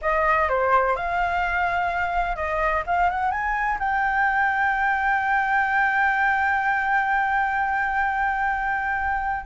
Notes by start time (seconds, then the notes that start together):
0.01 D#5
0.48 C5
0.96 F5
2.35 D#5
2.86 F5
3.09 F#5
3.31 G#5
3.79 G5